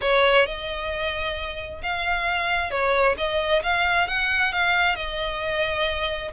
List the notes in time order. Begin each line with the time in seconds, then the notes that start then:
0.01 C#5
0.46 D#5
1.83 F5
2.70 C#5
3.17 D#5
3.62 F5
4.07 F#5
4.52 F5
4.95 D#5